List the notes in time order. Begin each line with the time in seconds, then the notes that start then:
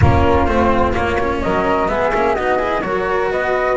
0.00 A#3 C#4 F4 A#4
0.46 A3 C4 C5
0.93 A#3 C#5
1.20 C#4
1.42 F#3 A#4 D#5
1.88 G#3 B3 G#4 E5
2.13 A#3 C#4
2.34 B3 D#4 F#4 D#5
2.58 E4 G#4
2.81 F#3 F#4 A#4 C#5
3.30 B3 B4 D#5